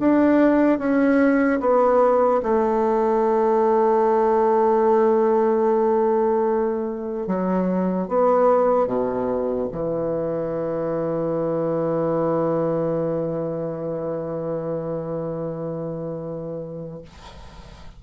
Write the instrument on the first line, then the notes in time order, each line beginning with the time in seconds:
bassoon
0.00 D4
0.79 C#4
1.61 B3
2.43 A3
7.28 F#3
8.09 B3
8.87 B2
9.73 E3